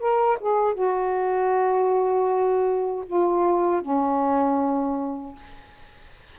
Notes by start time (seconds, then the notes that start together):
0.00 A#4
0.41 G#4
0.75 F#4
3.07 F4
3.82 C#4